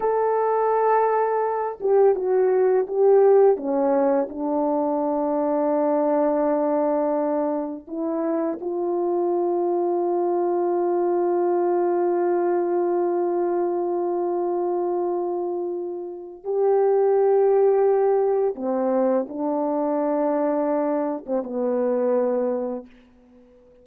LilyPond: \new Staff \with { instrumentName = "horn" } { \time 4/4 \tempo 4 = 84 a'2~ a'8 g'8 fis'4 | g'4 cis'4 d'2~ | d'2. e'4 | f'1~ |
f'1~ | f'2. g'4~ | g'2 c'4 d'4~ | d'4.~ d'16 c'16 b2 | }